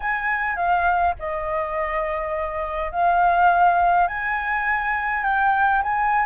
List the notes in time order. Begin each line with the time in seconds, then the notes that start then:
0.00 G#5
0.56 F5
1.19 D#5
2.91 F5
4.07 G#5
5.23 G5
5.83 G#5